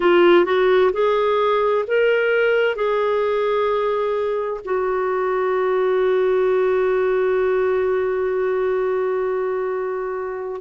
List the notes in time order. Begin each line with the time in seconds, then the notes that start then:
0.00 F4
0.44 F#4
0.92 G#4
1.87 A#4
2.75 G#4
4.64 F#4